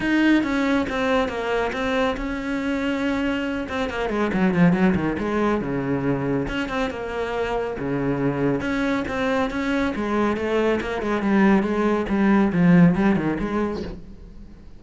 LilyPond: \new Staff \with { instrumentName = "cello" } { \time 4/4 \tempo 4 = 139 dis'4 cis'4 c'4 ais4 | c'4 cis'2.~ | cis'8 c'8 ais8 gis8 fis8 f8 fis8 dis8 | gis4 cis2 cis'8 c'8 |
ais2 cis2 | cis'4 c'4 cis'4 gis4 | a4 ais8 gis8 g4 gis4 | g4 f4 g8 dis8 gis4 | }